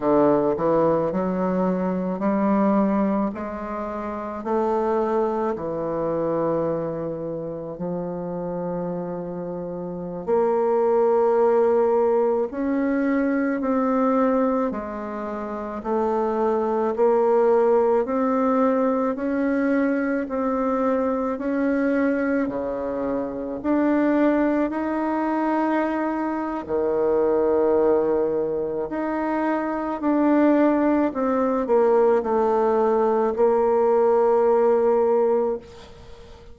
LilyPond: \new Staff \with { instrumentName = "bassoon" } { \time 4/4 \tempo 4 = 54 d8 e8 fis4 g4 gis4 | a4 e2 f4~ | f4~ f16 ais2 cis'8.~ | cis'16 c'4 gis4 a4 ais8.~ |
ais16 c'4 cis'4 c'4 cis'8.~ | cis'16 cis4 d'4 dis'4.~ dis'16 | dis2 dis'4 d'4 | c'8 ais8 a4 ais2 | }